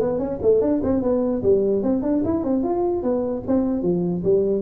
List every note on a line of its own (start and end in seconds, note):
0.00 0.18 B3
0.18 0.38 C#4
0.42 0.61 A3
0.61 0.81 D4
0.83 1.02 C4
1.02 1.42 B3
1.43 1.82 G3
1.82 2.02 C4
2.02 2.22 D4
2.24 2.43 E4
2.43 2.63 C4
2.63 3.02 F4
3.02 3.43 B3
3.47 3.82 C4
3.82 4.22 F3
4.24 4.61 G3